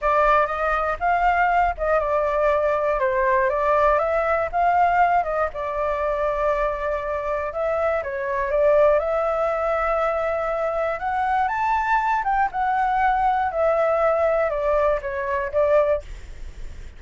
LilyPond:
\new Staff \with { instrumentName = "flute" } { \time 4/4 \tempo 4 = 120 d''4 dis''4 f''4. dis''8 | d''2 c''4 d''4 | e''4 f''4. dis''8 d''4~ | d''2. e''4 |
cis''4 d''4 e''2~ | e''2 fis''4 a''4~ | a''8 g''8 fis''2 e''4~ | e''4 d''4 cis''4 d''4 | }